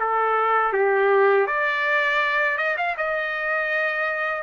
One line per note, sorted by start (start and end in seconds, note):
0.00 0.73 A4
0.73 1.47 G4
1.47 2.58 D5
2.58 2.76 D#5
2.77 2.96 F5
2.98 4.43 D#5